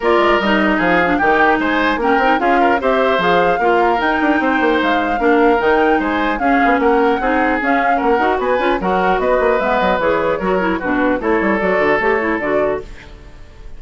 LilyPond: <<
  \new Staff \with { instrumentName = "flute" } { \time 4/4 \tempo 4 = 150 d''4 dis''4 f''4 g''4 | gis''4 g''4 f''4 e''4 | f''2 g''2 | f''2 g''4 gis''4 |
f''4 fis''2 f''4 | fis''4 gis''4 fis''4 dis''4 | e''8 dis''8 cis''2 b'4 | cis''4 d''4 cis''4 d''4 | }
  \new Staff \with { instrumentName = "oboe" } { \time 4/4 ais'2 gis'4 g'4 | c''4 ais'4 gis'8 ais'8 c''4~ | c''4 ais'2 c''4~ | c''4 ais'2 c''4 |
gis'4 ais'4 gis'2 | ais'4 b'4 ais'4 b'4~ | b'2 ais'4 fis'4 | a'1 | }
  \new Staff \with { instrumentName = "clarinet" } { \time 4/4 f'4 dis'4. d'8 dis'4~ | dis'4 cis'8 dis'8 f'4 g'4 | gis'4 f'4 dis'2~ | dis'4 d'4 dis'2 |
cis'2 dis'4 cis'4~ | cis'8 fis'4 f'8 fis'2 | b4 gis'4 fis'8 e'8 d'4 | e'4 fis'4 g'8 e'8 fis'4 | }
  \new Staff \with { instrumentName = "bassoon" } { \time 4/4 ais8 gis8 g4 f4 dis4 | gis4 ais8 c'8 cis'4 c'4 | f4 ais4 dis'8 d'8 c'8 ais8 | gis4 ais4 dis4 gis4 |
cis'8 b8 ais4 c'4 cis'4 | ais8 dis'8 b8 cis'8 fis4 b8 ais8 | gis8 fis8 e4 fis4 b,4 | a8 g8 fis8 d8 a4 d4 | }
>>